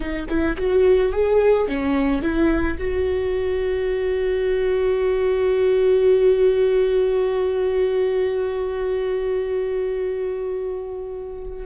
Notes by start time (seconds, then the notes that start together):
0.00 D#4
0.28 E4
0.57 F#4
1.12 G#4
1.68 C#4
2.21 E4
2.78 F#4